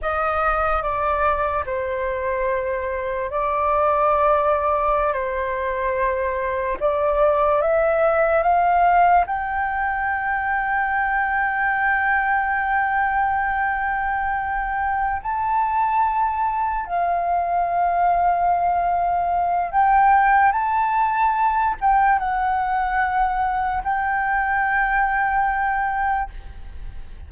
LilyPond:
\new Staff \with { instrumentName = "flute" } { \time 4/4 \tempo 4 = 73 dis''4 d''4 c''2 | d''2~ d''16 c''4.~ c''16~ | c''16 d''4 e''4 f''4 g''8.~ | g''1~ |
g''2~ g''8 a''4.~ | a''8 f''2.~ f''8 | g''4 a''4. g''8 fis''4~ | fis''4 g''2. | }